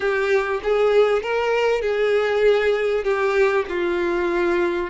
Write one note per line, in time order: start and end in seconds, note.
0.00 0.61 G4
0.63 1.22 G#4
1.22 1.81 A#4
1.81 3.04 G#4
3.04 3.65 G4
3.68 4.90 F4